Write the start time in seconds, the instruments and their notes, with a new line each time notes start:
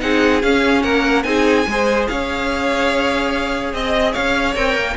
0.00 cello C4, viola D#4, violin G#4 F#5
0.43 cello C#4, viola C#4, violin F5
0.83 cello A#3, violin A#4 F#5
1.23 cello C4, viola D#4, violin G#4 G#5
1.67 cello G#3, viola G#4, violin C5
2.08 cello C#4, violin C#5 F5
3.74 cello C4, violin D#5
4.13 cello C#4, violin C#5 F5
4.56 cello C4, viola A#4, violin G5
4.76 cello A#3